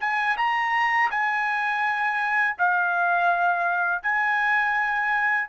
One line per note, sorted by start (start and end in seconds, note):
0.00 0.37 G#5
0.37 1.10 A#5
1.10 2.57 G#5
2.58 4.03 F5
4.03 5.49 G#5